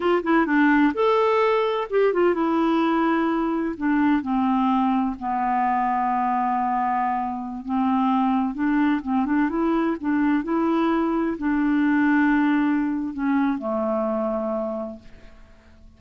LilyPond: \new Staff \with { instrumentName = "clarinet" } { \time 4/4 \tempo 4 = 128 f'8 e'8 d'4 a'2 | g'8 f'8 e'2. | d'4 c'2 b4~ | b1~ |
b16 c'2 d'4 c'8 d'16~ | d'16 e'4 d'4 e'4.~ e'16~ | e'16 d'2.~ d'8. | cis'4 a2. | }